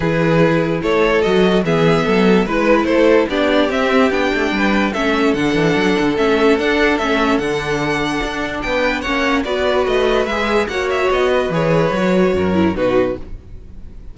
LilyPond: <<
  \new Staff \with { instrumentName = "violin" } { \time 4/4 \tempo 4 = 146 b'2 cis''4 dis''4 | e''2 b'4 c''4 | d''4 e''4 g''2 | e''4 fis''2 e''4 |
fis''4 e''4 fis''2~ | fis''4 g''4 fis''4 d''4 | dis''4 e''4 fis''8 e''8 dis''4 | cis''2. b'4 | }
  \new Staff \with { instrumentName = "violin" } { \time 4/4 gis'2 a'2 | gis'4 a'4 b'4 a'4 | g'2. b'4 | a'1~ |
a'1~ | a'4 b'4 cis''4 b'4~ | b'2 cis''4. b'8~ | b'2 ais'4 fis'4 | }
  \new Staff \with { instrumentName = "viola" } { \time 4/4 e'2. fis'4 | b2 e'2 | d'4 c'4 d'2 | cis'4 d'2 cis'4 |
d'4 cis'4 d'2~ | d'2 cis'4 fis'4~ | fis'4 gis'4 fis'2 | gis'4 fis'4. e'8 dis'4 | }
  \new Staff \with { instrumentName = "cello" } { \time 4/4 e2 a4 fis4 | e4 fis4 gis4 a4 | b4 c'4 b8 a8 g4 | a4 d8 e8 fis8 d8 a4 |
d'4 a4 d2 | d'4 b4 ais4 b4 | a4 gis4 ais4 b4 | e4 fis4 fis,4 b,4 | }
>>